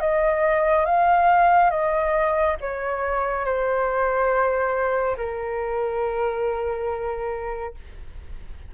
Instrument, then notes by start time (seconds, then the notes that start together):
flute
0.00 D#5
0.85 F5
1.70 D#5
2.60 C#5
3.44 C5
5.17 A#4